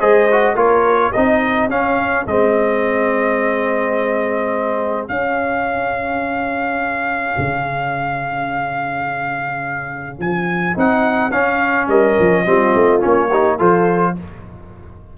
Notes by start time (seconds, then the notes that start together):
0.00 G#3 G#4 C5 D#5
0.32 F#4
0.55 A#3 F4 A#4 C#5
1.13 C4 D#4 G#4 D#5
1.70 C#4 F5
2.27 G#3 C4 D#5
5.08 C#4 F5
7.38 C#3
10.19 F3 G#5
10.75 C4 D#4 F#5
11.31 C#4 F5
11.88 G3 A#4 D#5
12.19 F3
12.46 G3 C4 F4
12.75 A3
13.00 A#3 C#4 C#5
13.31 D#4 G4
13.58 F3 F4 A4 C5